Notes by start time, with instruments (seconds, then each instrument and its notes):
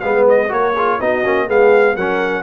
0.00 tuba G#3, trombone B3, horn B4, trumpet F5
0.29 trumpet D#5
0.49 tuba A#3, trombone F#4, horn A#4, trumpet C#5
0.75 trombone F4, horn G#4
1.00 tuba B3, trombone D#4, horn F#4, trumpet D#5
1.24 tuba A#3, trombone C#4
1.47 tuba G#3, trombone B3, horn G#4, trumpet F5
1.94 tuba F#3, trombone C#4, horn A#4, trumpet F#5